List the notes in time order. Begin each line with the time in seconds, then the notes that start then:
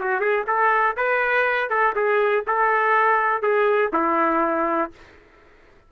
0.00 F#4
0.20 G#4
0.47 A4
0.97 B4
1.70 A4
1.96 G#4
2.47 A4
3.42 G#4
3.93 E4